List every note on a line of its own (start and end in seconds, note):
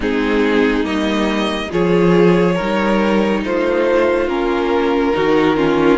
0.00 0.82 G#3
0.00 0.84 C4
0.00 1.69 D#4
0.00 0.85 G#4
0.82 1.68 G3
0.82 1.69 A#3
0.82 1.71 D#5
1.70 2.58 F3
1.70 2.56 F4
1.70 2.55 G#4
1.70 3.44 C#5
2.55 3.44 G3
2.55 4.28 D#4
2.55 3.40 A#4
3.44 4.27 A3
3.44 5.15 F4
3.44 4.28 C5
4.27 5.13 A#3
4.27 5.13 C#4
4.27 5.97 A#4
5.13 5.97 D#3
5.13 5.56 D#4
5.13 5.56 F#4
5.56 5.97 C#4
5.56 5.97 F4